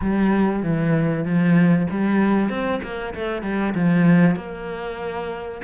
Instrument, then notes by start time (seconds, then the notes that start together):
cello
0.01 G3
0.62 E3
1.24 F3
1.90 G3
2.49 C4
2.82 A#3
3.14 A3
3.42 G3
3.74 F3
4.36 A#3